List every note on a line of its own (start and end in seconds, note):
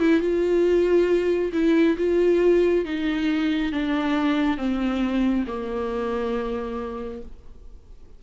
0.00 0.20 E4
0.20 1.52 F4
1.53 1.96 E4
1.97 2.85 F4
2.85 3.72 D#4
3.72 4.57 D4
4.57 5.45 C4
5.47 7.22 A#3